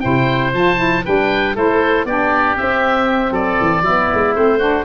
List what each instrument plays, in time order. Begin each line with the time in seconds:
0.00 tuba C3, saxophone E4, oboe C5 G5
0.54 tuba F3, saxophone F4, oboe A5
0.76 saxophone E4
1.04 tuba G3, saxophone D4, oboe B4 G5
1.55 tuba A3, saxophone E4, oboe A4 C5
2.05 tuba B3, saxophone D4, oboe G4 D5
2.56 saxophone C4, tuba C4, oboe E5
3.31 tuba F#3, oboe A4 D5
3.60 tuba E3
3.81 tuba F#3, saxophone B3, oboe E4
4.13 tuba G#3
4.35 tuba A3, saxophone C4, oboe C5
4.58 saxophone D4, oboe F#4